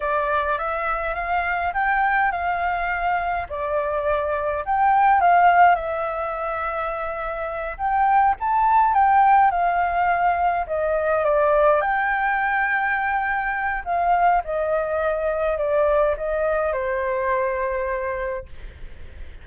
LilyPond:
\new Staff \with { instrumentName = "flute" } { \time 4/4 \tempo 4 = 104 d''4 e''4 f''4 g''4 | f''2 d''2 | g''4 f''4 e''2~ | e''4. g''4 a''4 g''8~ |
g''8 f''2 dis''4 d''8~ | d''8 g''2.~ g''8 | f''4 dis''2 d''4 | dis''4 c''2. | }